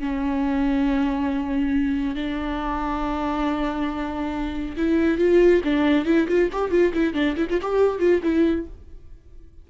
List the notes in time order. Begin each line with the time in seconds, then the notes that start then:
0.00 C#4
2.15 D4
4.77 E4
5.18 F4
5.64 D4
6.06 E4
6.28 F4
6.53 G4
6.71 F4
6.94 E4
7.14 D4
7.37 E4
7.50 F4
7.62 G4
8.00 F4
8.23 E4